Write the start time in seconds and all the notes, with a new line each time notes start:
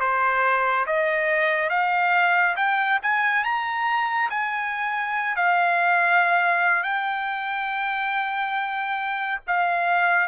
0.00 C5
0.86 D#5
1.69 F5
2.56 G5
3.02 G#5
3.44 A#5
4.30 G#5
5.36 F5
6.83 G5
9.47 F5